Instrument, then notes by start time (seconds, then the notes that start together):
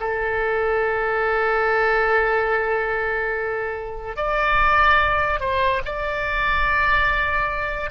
oboe
0.00 A4
4.16 D5
5.40 C5
5.85 D5